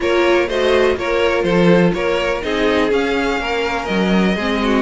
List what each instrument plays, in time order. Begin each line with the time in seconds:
0.00 cello A#3, viola F4, violin A#4 C#5
0.47 cello A3, viola F#4, violin C5 D#5
0.96 cello A#3, viola F4, violin A#4 C#5
1.42 cello F3, violin A4 C5
1.93 cello A#3, violin A#4 C#5
2.41 cello C4, viola D#4, violin G#4 D#5
2.89 viola C#4, cello C#4, violin F5
3.39 cello A#3, violin A#4
3.85 cello F#3, violin D#5
4.34 cello G#3, viola C4, violin G#4
4.63 violin F#4